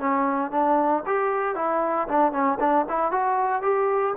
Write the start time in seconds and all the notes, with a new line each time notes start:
0.00 C#4
0.51 D4
1.07 G4
1.56 E4
2.09 D4
2.32 C#4
2.60 D4
2.89 E4
3.12 F#4
3.63 G4